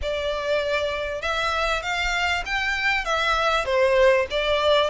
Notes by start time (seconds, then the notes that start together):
0.02 D5
1.21 E5
1.82 F5
2.45 G5
3.04 E5
3.65 C5
4.30 D5